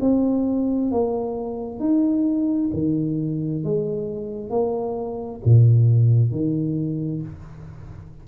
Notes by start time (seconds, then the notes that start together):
0.00 C4
0.91 A#3
1.79 D#4
2.73 D#3
3.64 G#3
4.50 A#3
5.44 A#2
6.31 D#3